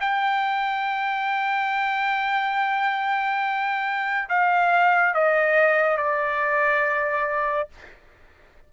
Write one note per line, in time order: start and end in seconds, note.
0.00 4.29 G5
4.29 5.14 F5
5.14 5.98 D#5
5.98 7.69 D5